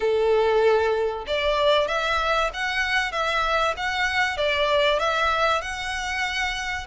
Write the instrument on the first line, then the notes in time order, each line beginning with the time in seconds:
violin
0.00 A4
1.26 D5
1.88 E5
2.53 F#5
3.12 E5
3.76 F#5
4.37 D5
4.99 E5
5.61 F#5